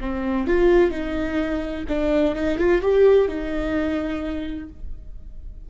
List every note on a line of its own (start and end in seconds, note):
0.00 0.47 C4
0.47 0.91 F4
0.91 1.84 D#4
1.88 2.35 D4
2.35 2.58 D#4
2.58 2.81 F4
2.81 3.28 G4
3.28 4.69 D#4